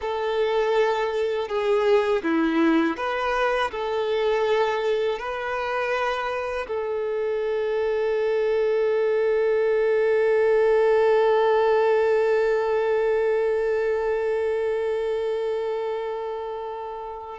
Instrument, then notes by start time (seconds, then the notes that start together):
violin
0.01 A4
1.48 G#4
2.22 E4
2.96 B4
3.71 A4
5.19 B4
6.67 A4